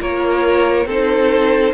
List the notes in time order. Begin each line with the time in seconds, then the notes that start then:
0.00 A#3 F4 A#4 C#5
0.86 C4 D#4 A4 C5